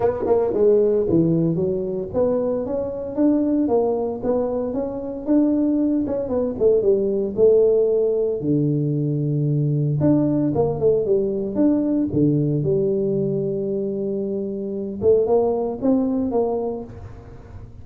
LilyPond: \new Staff \with { instrumentName = "tuba" } { \time 4/4 \tempo 4 = 114 b8 ais8 gis4 e4 fis4 | b4 cis'4 d'4 ais4 | b4 cis'4 d'4. cis'8 | b8 a8 g4 a2 |
d2. d'4 | ais8 a8 g4 d'4 d4 | g1~ | g8 a8 ais4 c'4 ais4 | }